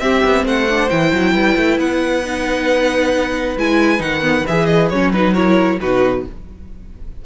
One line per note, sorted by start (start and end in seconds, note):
0.00 0.22 C4
0.00 0.67 C4
0.00 0.47 G4
0.00 0.44 E5
0.24 0.46 B3
0.46 0.90 A3
0.46 1.34 C5
0.46 0.89 F#5
0.70 0.90 D4
0.89 1.12 E3
0.89 2.23 E4
0.89 1.78 G5
1.12 1.34 F#3
1.34 1.56 G3
1.34 5.33 B4
1.57 1.78 A3
1.78 3.56 B3
1.78 3.58 F#5
2.25 3.58 D#4
3.57 4.00 G#3
3.57 3.99 E4
3.57 4.02 G#5
3.99 4.45 D#3
3.99 4.21 D#4
3.99 4.46 F#5
4.22 4.44 B3
4.47 4.92 E3
4.47 4.93 G#4
4.47 4.66 E5
4.66 4.88 D#5
4.90 5.80 F#3
4.90 5.14 C#4
4.90 5.12 C#5
5.12 5.35 D#4
5.12 5.34 B4
5.33 5.80 E4
5.33 5.77 A#4
5.33 5.79 C#5
5.81 6.25 B2
5.81 6.26 D#4
5.81 6.25 F#4
5.81 6.25 B4